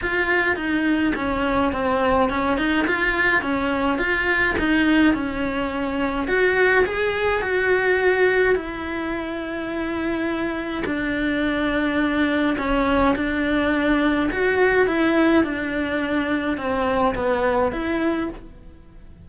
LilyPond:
\new Staff \with { instrumentName = "cello" } { \time 4/4 \tempo 4 = 105 f'4 dis'4 cis'4 c'4 | cis'8 dis'8 f'4 cis'4 f'4 | dis'4 cis'2 fis'4 | gis'4 fis'2 e'4~ |
e'2. d'4~ | d'2 cis'4 d'4~ | d'4 fis'4 e'4 d'4~ | d'4 c'4 b4 e'4 | }